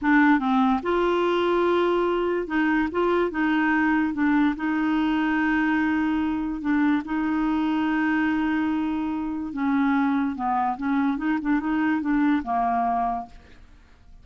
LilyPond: \new Staff \with { instrumentName = "clarinet" } { \time 4/4 \tempo 4 = 145 d'4 c'4 f'2~ | f'2 dis'4 f'4 | dis'2 d'4 dis'4~ | dis'1 |
d'4 dis'2.~ | dis'2. cis'4~ | cis'4 b4 cis'4 dis'8 d'8 | dis'4 d'4 ais2 | }